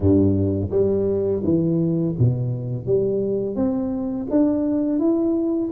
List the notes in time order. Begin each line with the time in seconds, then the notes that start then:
0.00 G2
0.70 G3
1.44 E3
2.19 B2
2.85 G3
3.55 C4
4.30 D4
4.99 E4